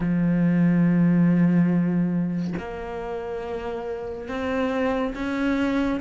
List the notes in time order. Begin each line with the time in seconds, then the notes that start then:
0.00 F3
2.58 A#3
4.28 C4
5.14 C#4